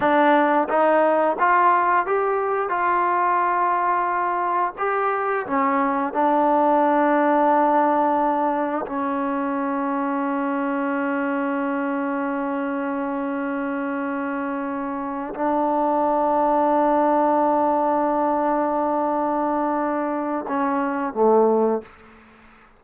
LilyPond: \new Staff \with { instrumentName = "trombone" } { \time 4/4 \tempo 4 = 88 d'4 dis'4 f'4 g'4 | f'2. g'4 | cis'4 d'2.~ | d'4 cis'2.~ |
cis'1~ | cis'2~ cis'8 d'4.~ | d'1~ | d'2 cis'4 a4 | }